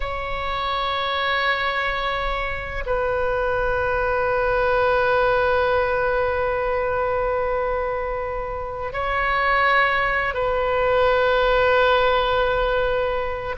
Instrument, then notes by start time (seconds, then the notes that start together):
oboe
0.00 C#5
2.86 B4
8.93 C#5
10.34 B4